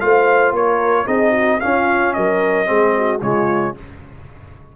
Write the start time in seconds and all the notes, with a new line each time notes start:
0.00 A3 F4 C5 F5
0.52 A#3 A#4 C#5
1.06 C4 D#4 G#4 D#5
1.31 F#4
1.60 C#4 F4 F5
2.14 F#3 A#4 D#5
2.65 G#3 C4 G#4
2.97 F#4
3.22 C#3 G#3 F4 C#5